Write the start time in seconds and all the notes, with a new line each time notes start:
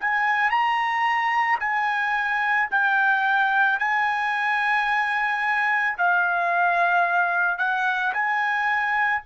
0.00 G#5
0.50 A#5
1.60 G#5
2.70 G5
3.79 G#5
5.98 F5
7.58 F#5
8.13 G#5